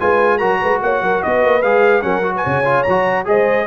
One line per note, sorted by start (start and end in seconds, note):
0.00 0.41 G#3
0.00 0.40 F4
0.00 0.39 B4
0.00 0.38 G#5
0.38 0.62 F#3
0.38 1.62 F#4
0.38 0.59 A#4
0.38 0.79 A#5
0.61 0.82 G#3
0.61 0.82 B4
0.82 1.02 A#3
0.82 1.03 C#5
0.82 1.23 F#5
1.02 1.22 F#3
1.02 1.24 A#4
1.23 1.44 B3
1.23 2.05 B4
1.23 1.62 D#5
1.44 1.63 A#3
1.62 2.03 G#3
1.62 2.02 G#4
1.62 2.02 F5
2.02 2.44 F#3
2.02 2.23 C#4
2.02 2.35 A#4
2.02 2.33 F#5
2.23 2.64 F#4
2.35 2.44 B4
2.35 2.83 G#5
2.44 2.87 C#3
2.44 3.26 C#5
2.65 2.85 F4
2.83 3.28 F#3
2.83 3.24 A#5
2.90 3.25 F#4
3.25 3.67 G#3
3.25 3.66 G#4
3.25 3.67 C5
3.25 3.67 D#5